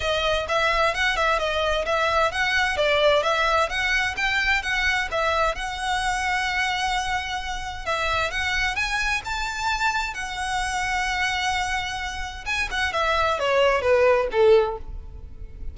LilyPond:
\new Staff \with { instrumentName = "violin" } { \time 4/4 \tempo 4 = 130 dis''4 e''4 fis''8 e''8 dis''4 | e''4 fis''4 d''4 e''4 | fis''4 g''4 fis''4 e''4 | fis''1~ |
fis''4 e''4 fis''4 gis''4 | a''2 fis''2~ | fis''2. gis''8 fis''8 | e''4 cis''4 b'4 a'4 | }